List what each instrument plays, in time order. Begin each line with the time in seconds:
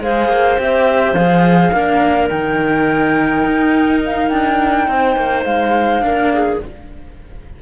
0.00 cello G#3 G#4, clarinet C5, flute F5
0.29 cello A#3
0.57 cello C4 G4, flute E5
1.13 cello F3 G#4, flute F5
1.73 cello A#3 D4, clarinet A#4
2.29 cello D#3 D#4, flute G5
3.46 cello D#4
4.05 flute F5
4.29 cello D4, flute G5
4.88 cello C4, clarinet C5
5.17 cello A#3
5.44 cello G#3, flute F5
6.01 cello A#3 D4, clarinet A#4
6.33 clarinet G#4